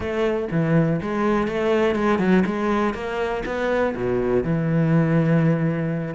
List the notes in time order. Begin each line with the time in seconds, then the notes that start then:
0.00 A3
0.51 E3
1.01 G#3
1.47 A3
1.95 G#3
2.19 F#3
2.46 G#3
2.94 A#3
3.45 B3
3.95 B2
4.43 E3